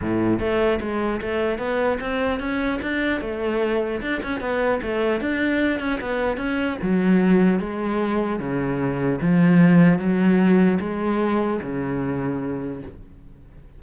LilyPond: \new Staff \with { instrumentName = "cello" } { \time 4/4 \tempo 4 = 150 a,4 a4 gis4 a4 | b4 c'4 cis'4 d'4 | a2 d'8 cis'8 b4 | a4 d'4. cis'8 b4 |
cis'4 fis2 gis4~ | gis4 cis2 f4~ | f4 fis2 gis4~ | gis4 cis2. | }